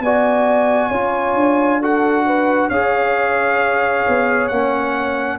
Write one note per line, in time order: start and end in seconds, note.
0.00 0.90 B3
0.00 0.93 F#4
0.00 0.89 D5
0.00 1.82 G#5
0.89 1.35 C#4
0.89 1.82 F4
0.89 1.79 C#5
1.35 2.69 D4
1.81 2.72 F#4
1.81 2.25 A4
1.81 2.70 F#5
2.26 2.69 B4
2.69 4.05 C#4
2.69 4.51 G#4
2.69 5.37 C#5
2.69 4.48 F5
4.08 4.51 B3
4.48 5.39 A#3
4.48 5.39 C#4
4.48 5.37 F#5